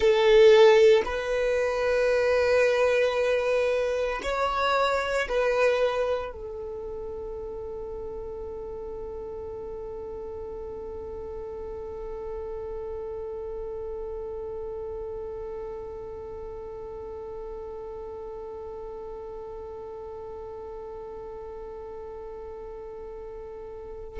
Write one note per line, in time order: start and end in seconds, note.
0.00 1.02 A4
1.05 4.21 B4
4.22 5.28 C#5
5.28 6.32 B4
6.32 24.20 A4